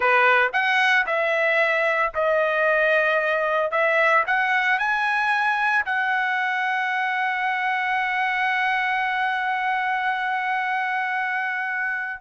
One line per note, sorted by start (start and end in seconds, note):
0.00 0.52 B4
0.52 1.05 F#5
1.06 2.12 E5
2.14 3.71 D#5
3.71 4.24 E5
4.26 4.79 F#5
4.79 5.85 G#5
5.86 12.20 F#5